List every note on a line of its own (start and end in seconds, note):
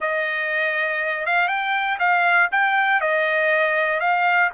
0.00 1.25 D#5
1.26 1.47 F5
1.47 1.97 G5
1.99 2.49 F5
2.51 3.00 G5
3.00 4.00 D#5
4.00 4.50 F5